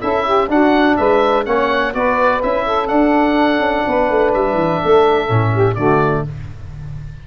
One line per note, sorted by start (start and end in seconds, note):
0.00 0.48 C#4
0.00 0.48 E4
0.00 0.25 A4
0.00 0.49 E5
0.25 0.49 G4
0.48 0.96 D4
0.48 1.45 D4
0.48 0.97 F#4
0.48 0.97 F#5
0.97 1.46 G#3
0.97 1.46 B4
0.97 1.45 E5
1.45 1.94 A#3
1.45 1.93 C#4
1.45 1.94 C#5
1.45 1.94 F#5
1.93 2.42 B3
1.93 2.41 F#4
1.93 2.65 B4
1.93 2.42 D5
2.43 2.91 C#4
2.43 2.88 E4
2.43 2.88 E5
2.65 3.85 A4
2.88 5.28 D4
2.88 3.58 D4
2.88 4.32 F#5
3.58 3.82 C#4
3.87 4.10 B3
3.87 4.82 B4
4.10 4.34 A3
4.34 4.54 G3
4.34 5.75 E5
4.54 4.78 E3
4.82 5.29 A3
4.82 5.53 A4
5.28 5.76 A2
5.28 5.75 C#4
5.53 5.75 G4
5.75 6.24 D3
5.75 6.27 A3
5.75 6.23 F#4
5.75 6.23 D5